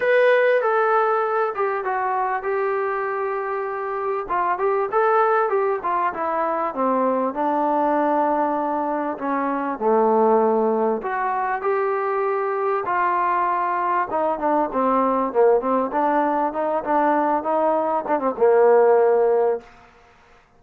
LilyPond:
\new Staff \with { instrumentName = "trombone" } { \time 4/4 \tempo 4 = 98 b'4 a'4. g'8 fis'4 | g'2. f'8 g'8 | a'4 g'8 f'8 e'4 c'4 | d'2. cis'4 |
a2 fis'4 g'4~ | g'4 f'2 dis'8 d'8 | c'4 ais8 c'8 d'4 dis'8 d'8~ | d'8 dis'4 d'16 c'16 ais2 | }